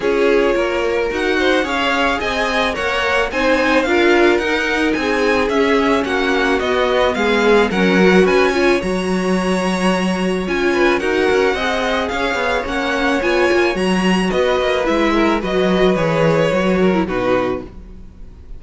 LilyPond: <<
  \new Staff \with { instrumentName = "violin" } { \time 4/4 \tempo 4 = 109 cis''2 fis''4 f''4 | gis''4 fis''4 gis''4 f''4 | fis''4 gis''4 e''4 fis''4 | dis''4 f''4 fis''4 gis''4 |
ais''2. gis''4 | fis''2 f''4 fis''4 | gis''4 ais''4 dis''4 e''4 | dis''4 cis''2 b'4 | }
  \new Staff \with { instrumentName = "violin" } { \time 4/4 gis'4 ais'4. c''8 cis''4 | dis''4 cis''4 c''4 ais'4~ | ais'4 gis'2 fis'4~ | fis'4 gis'4 ais'4 b'8 cis''8~ |
cis''2.~ cis''8 b'8 | ais'4 dis''4 cis''2~ | cis''2 b'4. ais'8 | b'2~ b'8 ais'8 fis'4 | }
  \new Staff \with { instrumentName = "viola" } { \time 4/4 f'2 fis'4 gis'4~ | gis'4 ais'4 dis'4 f'4 | dis'2 cis'2 | b2 cis'8 fis'4 f'8 |
fis'2. f'4 | fis'4 gis'2 cis'4 | f'4 fis'2 e'4 | fis'4 gis'4 fis'8. e'16 dis'4 | }
  \new Staff \with { instrumentName = "cello" } { \time 4/4 cis'4 ais4 dis'4 cis'4 | c'4 ais4 c'4 d'4 | dis'4 c'4 cis'4 ais4 | b4 gis4 fis4 cis'4 |
fis2. cis'4 | dis'8 cis'8 c'4 cis'8 b8 ais4 | b8 ais8 fis4 b8 ais8 gis4 | fis4 e4 fis4 b,4 | }
>>